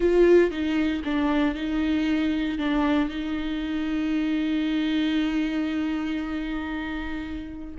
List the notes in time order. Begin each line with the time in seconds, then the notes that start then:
0.00 F4
0.50 D#4
1.04 D4
1.54 D#4
2.58 D4
3.09 D#4